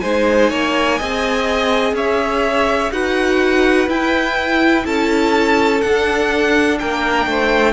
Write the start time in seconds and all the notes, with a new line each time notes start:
0.00 G#3 D#4 C5 G#5
0.50 A#3 C#5
0.98 C4 G#4 D#5
1.93 C#4 C#5 E5
2.91 D#4 F#4 B4 F#5
3.87 E4 G5
4.85 C#4 A4 A5
5.81 D4 F#5
6.79 A#3 A#4 G5
7.26 A3 C5